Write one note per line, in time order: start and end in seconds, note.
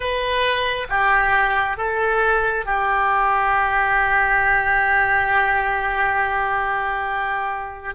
0.00 0.87 B4
0.89 1.77 G4
1.77 2.65 A4
2.65 7.95 G4